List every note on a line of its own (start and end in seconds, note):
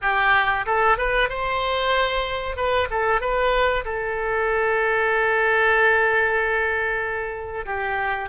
0.01 0.65 G4
0.66 0.97 A4
0.97 1.29 B4
1.29 2.56 C5
2.56 2.88 B4
2.90 3.20 A4
3.20 3.84 B4
3.84 7.65 A4
7.65 8.29 G4